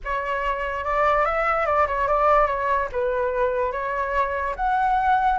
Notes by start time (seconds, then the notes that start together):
0.04 C#5
0.84 D5
1.25 E5
1.66 D5
1.87 C#5
2.07 D5
2.47 C#5
2.92 B4
3.72 C#5
4.56 F#5